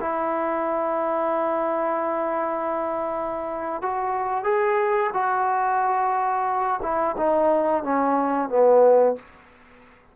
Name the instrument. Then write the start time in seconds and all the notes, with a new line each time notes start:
trombone
0.00 E4
3.82 F#4
4.44 G#4
5.14 F#4
6.82 E4
7.17 D#4
7.83 C#4
8.49 B3